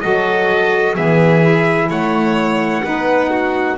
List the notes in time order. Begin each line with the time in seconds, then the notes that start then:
0.00 F#3 F#4 A4 D#5
0.95 E3 B3 G#4 E5
1.41 E4
1.89 A3 C#5 F#5
2.83 B3 D#4 B4
3.29 F#4